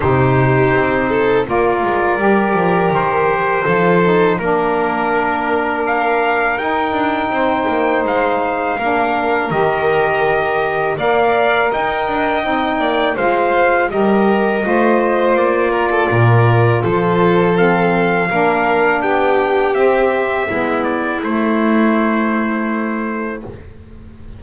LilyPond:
<<
  \new Staff \with { instrumentName = "trumpet" } { \time 4/4 \tempo 4 = 82 c''2 d''2 | c''2 ais'2 | f''4 g''2 f''4~ | f''4 dis''2 f''4 |
g''2 f''4 dis''4~ | dis''4 d''2 c''4 | f''2 g''4 e''4~ | e''8 d''8 c''2. | }
  \new Staff \with { instrumentName = "violin" } { \time 4/4 g'4. a'8 ais'2~ | ais'4 a'4 ais'2~ | ais'2 c''2 | ais'2. d''4 |
dis''4. d''8 c''4 ais'4 | c''4. ais'16 a'16 ais'4 a'4~ | a'4 ais'4 g'2 | e'1 | }
  \new Staff \with { instrumentName = "saxophone" } { \time 4/4 dis'2 f'4 g'4~ | g'4 f'8 dis'8 d'2~ | d'4 dis'2. | d'4 g'2 ais'4~ |
ais'4 dis'4 f'4 g'4 | f'1 | c'4 d'2 c'4 | b4 a2. | }
  \new Staff \with { instrumentName = "double bass" } { \time 4/4 c4 c'4 ais8 gis8 g8 f8 | dis4 f4 ais2~ | ais4 dis'8 d'8 c'8 ais8 gis4 | ais4 dis2 ais4 |
dis'8 d'8 c'8 ais8 gis4 g4 | a4 ais4 ais,4 f4~ | f4 ais4 b4 c'4 | gis4 a2. | }
>>